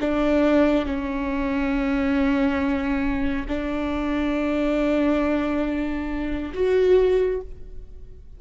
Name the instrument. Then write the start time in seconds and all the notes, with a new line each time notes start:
viola
0.00 D4
0.85 C#4
3.48 D4
6.53 F#4